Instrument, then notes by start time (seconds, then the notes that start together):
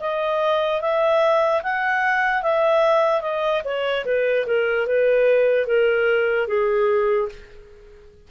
clarinet
0.00 D#5
0.81 E5
1.63 F#5
2.43 E5
3.21 D#5
3.64 C#5
4.05 B4
4.46 A#4
4.87 B4
5.67 A#4
6.48 G#4